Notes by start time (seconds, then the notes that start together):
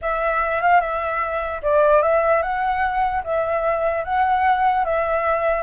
0.01 E5
0.62 F5
0.81 E5
1.62 D5
2.02 E5
2.42 F#5
3.23 E5
4.04 F#5
4.84 E5